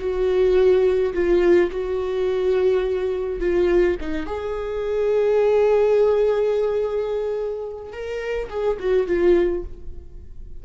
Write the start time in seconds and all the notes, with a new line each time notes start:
0.00 F#4
1.14 F4
1.71 F#4
3.40 F4
4.01 D#4
4.26 G#4
7.92 A#4
8.50 G#4
8.79 F#4
9.07 F4